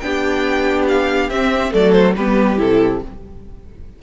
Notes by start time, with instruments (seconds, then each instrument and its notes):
0.00 cello B3, viola D4, violin G4 G5
0.89 violin F5
1.30 viola C4, cello C4, violin E5
1.71 cello F#3, viola A3, violin A4 D5
1.92 violin C5
2.16 cello G3, viola B3, violin G4 B4
2.58 cello C3, viola E4, violin A4